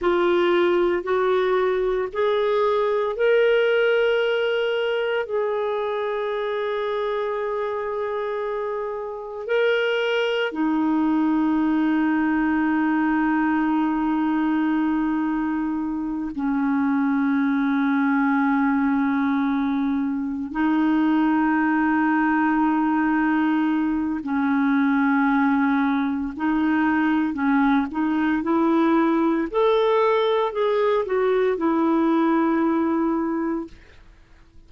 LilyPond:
\new Staff \with { instrumentName = "clarinet" } { \time 4/4 \tempo 4 = 57 f'4 fis'4 gis'4 ais'4~ | ais'4 gis'2.~ | gis'4 ais'4 dis'2~ | dis'2.~ dis'8 cis'8~ |
cis'2.~ cis'8 dis'8~ | dis'2. cis'4~ | cis'4 dis'4 cis'8 dis'8 e'4 | a'4 gis'8 fis'8 e'2 | }